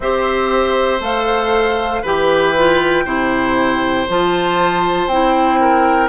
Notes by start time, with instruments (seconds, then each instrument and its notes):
0.00 bassoon C4, clarinet G4, oboe C5, flute E5
1.00 bassoon A3, clarinet A4, flute F5
2.02 bassoon E3, clarinet G4, oboe B4, flute G5
2.57 clarinet F4
3.04 bassoon C3, clarinet E4, oboe C5
4.08 bassoon F3, clarinet F4, flute A5
5.07 bassoon C4, clarinet E4, flute G5
5.61 oboe A#4